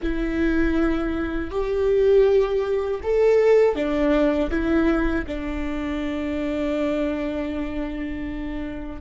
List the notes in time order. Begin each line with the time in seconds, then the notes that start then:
0.02 E4
1.50 G4
3.03 A4
3.75 D4
4.50 E4
5.27 D4